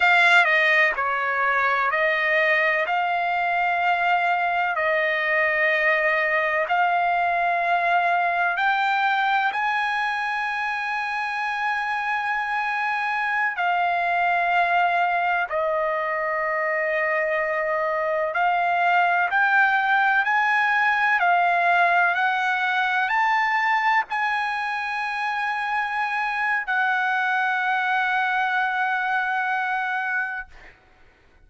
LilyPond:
\new Staff \with { instrumentName = "trumpet" } { \time 4/4 \tempo 4 = 63 f''8 dis''8 cis''4 dis''4 f''4~ | f''4 dis''2 f''4~ | f''4 g''4 gis''2~ | gis''2~ gis''16 f''4.~ f''16~ |
f''16 dis''2. f''8.~ | f''16 g''4 gis''4 f''4 fis''8.~ | fis''16 a''4 gis''2~ gis''8. | fis''1 | }